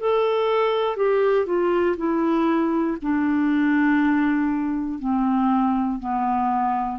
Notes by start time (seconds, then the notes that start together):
0.00 A4
0.97 G4
1.46 F4
1.97 E4
3.02 D4
5.00 C4
5.99 B3